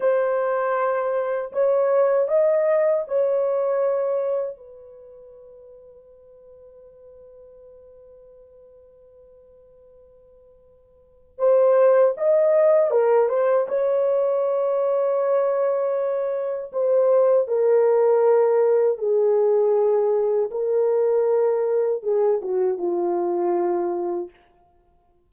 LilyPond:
\new Staff \with { instrumentName = "horn" } { \time 4/4 \tempo 4 = 79 c''2 cis''4 dis''4 | cis''2 b'2~ | b'1~ | b'2. c''4 |
dis''4 ais'8 c''8 cis''2~ | cis''2 c''4 ais'4~ | ais'4 gis'2 ais'4~ | ais'4 gis'8 fis'8 f'2 | }